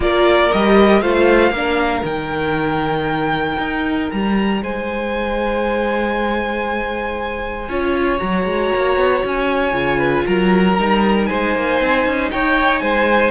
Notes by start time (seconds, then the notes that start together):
0.00 A#3 F4 A#4 D5
0.51 G3 G4 D#5
1.01 A3 F4 C5 F5
1.50 A#3 D4
1.56 A#4
2.03 D#3 D#4 G5
3.58 D#4
4.11 G3 A#5
4.62 G#3 C5 G#5
7.68 C#4 F4 C#5
8.18 F#3 F#4 A#5
8.45 G#3
8.76 A#3
8.96 B3
9.24 C#4 G#5
9.71 C#3 F4
9.98 B4
10.26 F#3 A#4 A#5
10.78 G3 D#4
11.26 G#3 C5 G#5
11.55 A#3
11.80 C4
12.06 C#4
12.31 D#4 C#5 G5
12.79 G#3 C5 G#5